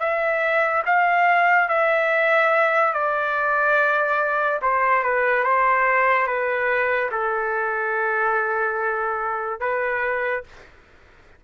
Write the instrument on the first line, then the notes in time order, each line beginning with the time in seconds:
trumpet
0.00 E5
0.86 F5
1.69 E5
2.94 D5
4.62 C5
5.03 B4
5.44 C5
6.27 B4
7.12 A4
9.61 B4